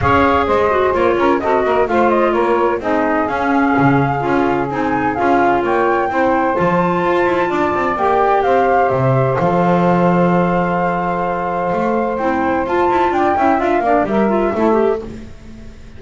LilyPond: <<
  \new Staff \with { instrumentName = "flute" } { \time 4/4 \tempo 4 = 128 f''4 dis''4 cis''4 dis''4 | f''8 dis''8 cis''4 dis''4 f''4~ | f''2 gis''4 f''4 | g''2 a''2~ |
a''4 g''4 f''4 e''4 | f''1~ | f''2 g''4 a''4 | g''4 f''4 e''2 | }
  \new Staff \with { instrumentName = "saxophone" } { \time 4/4 cis''4 c''4. ais'8 a'8 ais'8 | c''4 ais'4 gis'2~ | gis'1 | cis''4 c''2. |
d''2 c''2~ | c''1~ | c''1 | d''8 e''4 d''8 ais'4 a'4 | }
  \new Staff \with { instrumentName = "clarinet" } { \time 4/4 gis'4. fis'8 f'4 fis'4 | f'2 dis'4 cis'4~ | cis'4 f'4 dis'4 f'4~ | f'4 e'4 f'2~ |
f'4 g'2. | a'1~ | a'2 e'4 f'4~ | f'8 e'8 f'8 d'8 g'8 f'8 e'8 g'8 | }
  \new Staff \with { instrumentName = "double bass" } { \time 4/4 cis'4 gis4 ais8 cis'8 c'8 ais8 | a4 ais4 c'4 cis'4 | cis4 cis'4 c'4 cis'4 | ais4 c'4 f4 f'8 e'8 |
d'8 c'8 ais4 c'4 c4 | f1~ | f4 a4 c'4 f'8 e'8 | d'8 cis'8 d'8 ais8 g4 a4 | }
>>